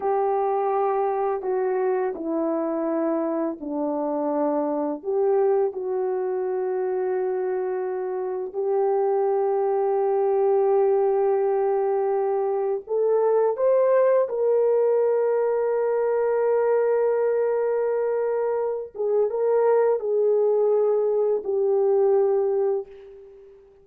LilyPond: \new Staff \with { instrumentName = "horn" } { \time 4/4 \tempo 4 = 84 g'2 fis'4 e'4~ | e'4 d'2 g'4 | fis'1 | g'1~ |
g'2 a'4 c''4 | ais'1~ | ais'2~ ais'8 gis'8 ais'4 | gis'2 g'2 | }